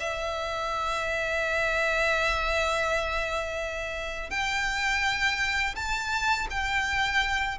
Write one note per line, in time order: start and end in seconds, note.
0.00 4.31 E5
4.31 5.75 G5
5.76 6.48 A5
6.51 7.59 G5